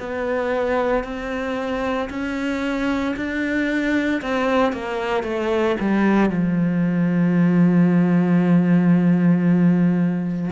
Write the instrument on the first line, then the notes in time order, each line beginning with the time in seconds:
cello
0.00 B3
1.04 C4
2.10 C#4
3.17 D4
4.22 C4
4.73 A#3
5.24 A3
5.81 G3
6.30 F3